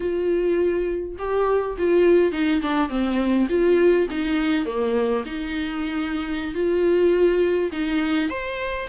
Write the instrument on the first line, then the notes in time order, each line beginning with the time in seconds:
viola
0.00 F4
1.18 G4
1.78 F4
2.32 D#4
2.61 D4
2.89 C4
3.49 F4
4.10 D#4
4.65 A#3
5.25 D#4
6.54 F4
7.72 D#4
8.29 C5